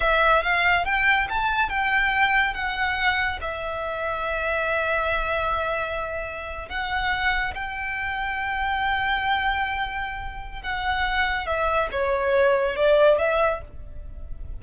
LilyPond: \new Staff \with { instrumentName = "violin" } { \time 4/4 \tempo 4 = 141 e''4 f''4 g''4 a''4 | g''2 fis''2 | e''1~ | e''2.~ e''8. fis''16~ |
fis''4.~ fis''16 g''2~ g''16~ | g''1~ | g''4 fis''2 e''4 | cis''2 d''4 e''4 | }